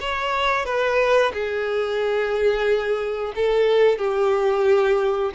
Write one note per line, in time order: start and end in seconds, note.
0.00 0.65 C#5
0.65 1.32 B4
1.32 3.32 G#4
3.35 3.98 A4
3.98 5.31 G4